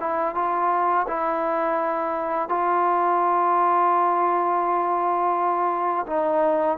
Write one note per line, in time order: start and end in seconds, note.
0.00 0.35 E4
0.35 1.06 F4
1.07 2.49 E4
2.49 6.06 F4
6.07 6.78 D#4